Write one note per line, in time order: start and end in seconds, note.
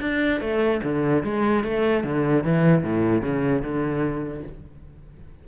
0.00 0.40 D4
0.40 0.81 A3
0.83 1.23 D3
1.23 1.63 G#3
1.64 2.04 A3
2.04 2.44 D3
2.44 2.83 E3
2.83 3.22 A2
3.22 3.62 C#3
3.62 4.43 D3